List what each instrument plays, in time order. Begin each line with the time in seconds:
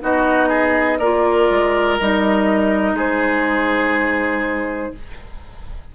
0.00 bassoon B3, clarinet D#4, oboe F#4, flute D#5
0.49 oboe G#4
0.99 bassoon A#3, clarinet F4, oboe A#4, flute D5
1.50 bassoon G#3
1.99 bassoon G3, clarinet D#4, flute D#5
2.93 bassoon G#3, oboe G#4, flute C5